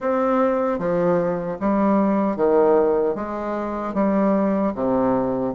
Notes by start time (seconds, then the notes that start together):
0.00 C4
0.79 F3
1.60 G3
2.36 D#3
3.15 G#3
3.93 G3
4.74 C3